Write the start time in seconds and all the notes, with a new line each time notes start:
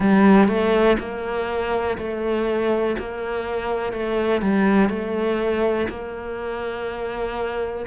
0.00 G3
0.48 A3
0.99 A#3
1.98 A3
2.99 A#3
3.92 A3
4.41 G3
4.89 A3
5.89 A#3